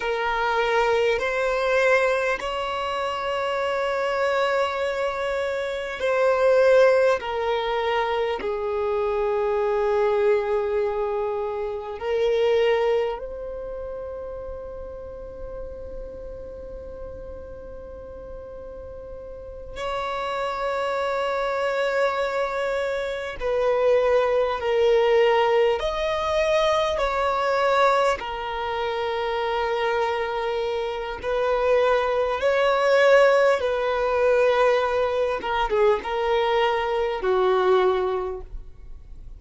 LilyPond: \new Staff \with { instrumentName = "violin" } { \time 4/4 \tempo 4 = 50 ais'4 c''4 cis''2~ | cis''4 c''4 ais'4 gis'4~ | gis'2 ais'4 c''4~ | c''1~ |
c''8 cis''2. b'8~ | b'8 ais'4 dis''4 cis''4 ais'8~ | ais'2 b'4 cis''4 | b'4. ais'16 gis'16 ais'4 fis'4 | }